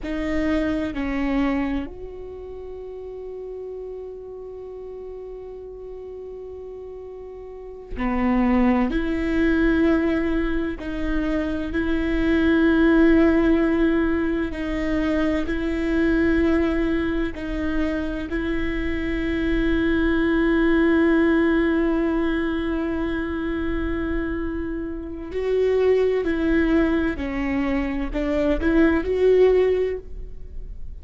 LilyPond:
\new Staff \with { instrumentName = "viola" } { \time 4/4 \tempo 4 = 64 dis'4 cis'4 fis'2~ | fis'1~ | fis'8 b4 e'2 dis'8~ | dis'8 e'2. dis'8~ |
dis'8 e'2 dis'4 e'8~ | e'1~ | e'2. fis'4 | e'4 cis'4 d'8 e'8 fis'4 | }